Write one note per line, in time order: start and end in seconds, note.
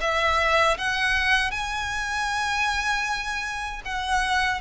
0.00 0.77 E5
0.77 1.51 F#5
1.51 3.81 G#5
3.85 4.60 F#5